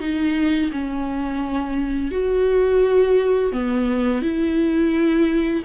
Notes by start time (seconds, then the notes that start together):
0.00 D#4
0.72 C#4
2.12 F#4
3.53 B3
4.22 E4